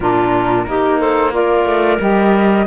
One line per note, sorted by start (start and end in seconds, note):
0.00 0.65 A#2
0.00 0.66 D4
0.00 0.68 F4
0.00 0.98 A#4
0.66 1.65 A#3
0.66 1.31 D#4
0.66 0.99 G4
0.99 1.32 A4
0.99 1.33 C5
1.31 1.97 F4
1.31 2.67 A#4
1.31 2.00 D5
1.65 1.98 A3
1.99 2.67 G3
1.99 2.66 G4
1.99 2.67 D#5